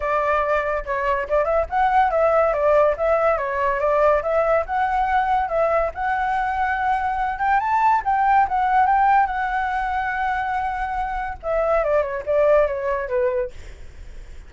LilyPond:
\new Staff \with { instrumentName = "flute" } { \time 4/4 \tempo 4 = 142 d''2 cis''4 d''8 e''8 | fis''4 e''4 d''4 e''4 | cis''4 d''4 e''4 fis''4~ | fis''4 e''4 fis''2~ |
fis''4. g''8 a''4 g''4 | fis''4 g''4 fis''2~ | fis''2. e''4 | d''8 cis''8 d''4 cis''4 b'4 | }